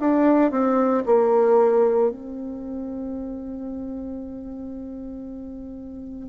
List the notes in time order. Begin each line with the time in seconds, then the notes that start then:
0.00 D4
0.51 C4
1.06 A#3
2.11 C4